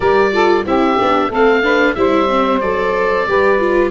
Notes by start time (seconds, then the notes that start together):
0.00 G3 G4 A#4 D5
0.32 F4 A4
0.65 C4 E4 G4 E5
0.99 B3 D4
1.28 A3 C4 A4 F5
1.62 D4 B4
1.95 G3 E4 C5 E5
2.28 C4
2.60 F#3 A4 D5
3.27 G3 G4 B4
3.59 F4